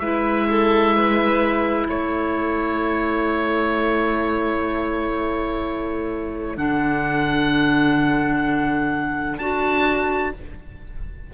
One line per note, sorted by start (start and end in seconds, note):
0.00 1.88 G#3
0.00 6.57 E4
0.00 0.49 B4
0.00 1.88 E5
0.50 0.96 A4
0.96 1.89 B4
1.89 6.57 A3
1.89 10.33 A4
1.89 6.58 C#5
6.57 9.38 D3
6.57 9.38 D4
6.57 9.39 F#5
9.38 10.32 D4
9.38 10.34 F#4
9.38 10.32 A5